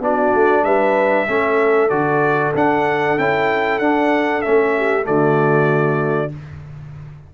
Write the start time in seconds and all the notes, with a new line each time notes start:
0.00 B3 D4 F#4 D5
0.35 A3
0.64 G3 B4 E5
1.28 A3 C#4 A4
1.90 D3 F#4 D5
2.55 D4 F#5
3.18 C#4 E4 G5
3.79 D4 F#5
4.42 A3 C#4 E5
4.77 G4
5.03 D3 A3 F#4 D5